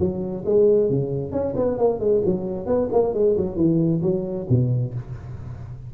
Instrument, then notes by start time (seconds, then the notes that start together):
tuba
0.00 F#3
0.46 G#3
0.91 C#3
1.32 C#4
1.56 B3
1.78 A#3
2.00 G#3
2.26 F#3
2.67 B3
2.93 A#3
3.14 G#3
3.38 F#3
3.57 E3
4.03 F#3
4.50 B2